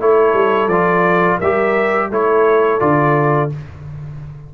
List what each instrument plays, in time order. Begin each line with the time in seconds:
0.00 tuba A3, trombone E4, horn A4, trumpet C#5
0.34 tuba G3
0.68 tuba F3, trombone F4, trumpet D5
1.39 tuba G3, trombone G4, horn A#4, trumpet E5
2.11 tuba A3, trombone E4, horn A4, trumpet C#5
2.80 tuba D3, trombone F4, trumpet D5